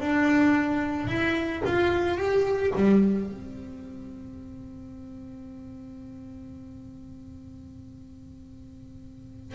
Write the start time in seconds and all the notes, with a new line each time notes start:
0.00 D4
1.07 E4
1.65 F4
2.17 G4
2.75 G3
3.29 C4